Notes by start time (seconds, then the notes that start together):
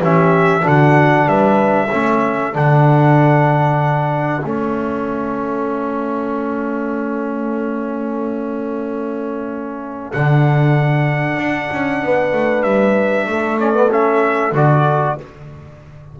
0.00 E3 C#4 G4 E5
0.61 D3 D4 F#4
0.67 F#5
1.26 G3 B4 E5
1.88 A3 C#4 A4
2.53 D3 D4 F#5
4.44 A3 C#4 E5
10.12 D3 D4 F#5
11.37 D4
11.73 C#4
12.02 B3 B4
12.32 A3
12.63 G3 E5
13.26 A3 A4
13.60 C#4 D5
13.73 B3
13.90 C#4 E5
14.52 D3 F#4 D5